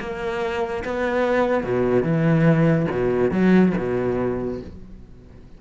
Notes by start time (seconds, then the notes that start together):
0.00 A#3
0.84 B3
1.63 B2
2.03 E3
2.91 B2
3.31 F#3
3.77 B2